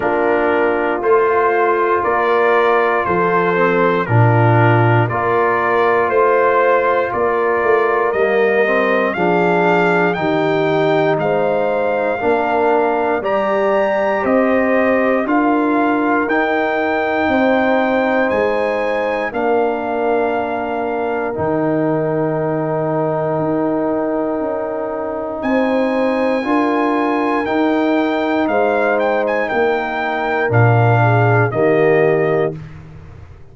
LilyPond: <<
  \new Staff \with { instrumentName = "trumpet" } { \time 4/4 \tempo 4 = 59 ais'4 c''4 d''4 c''4 | ais'4 d''4 c''4 d''4 | dis''4 f''4 g''4 f''4~ | f''4 ais''4 dis''4 f''4 |
g''2 gis''4 f''4~ | f''4 g''2.~ | g''4 gis''2 g''4 | f''8 g''16 gis''16 g''4 f''4 dis''4 | }
  \new Staff \with { instrumentName = "horn" } { \time 4/4 f'2 ais'4 a'4 | f'4 ais'4 c''4 ais'4~ | ais'4 gis'4 g'4 c''4 | ais'4 d''4 c''4 ais'4~ |
ais'4 c''2 ais'4~ | ais'1~ | ais'4 c''4 ais'2 | c''4 ais'4. gis'8 g'4 | }
  \new Staff \with { instrumentName = "trombone" } { \time 4/4 d'4 f'2~ f'8 c'8 | d'4 f'2. | ais8 c'8 d'4 dis'2 | d'4 g'2 f'4 |
dis'2. d'4~ | d'4 dis'2.~ | dis'2 f'4 dis'4~ | dis'2 d'4 ais4 | }
  \new Staff \with { instrumentName = "tuba" } { \time 4/4 ais4 a4 ais4 f4 | ais,4 ais4 a4 ais8 a8 | g4 f4 dis4 gis4 | ais4 g4 c'4 d'4 |
dis'4 c'4 gis4 ais4~ | ais4 dis2 dis'4 | cis'4 c'4 d'4 dis'4 | gis4 ais4 ais,4 dis4 | }
>>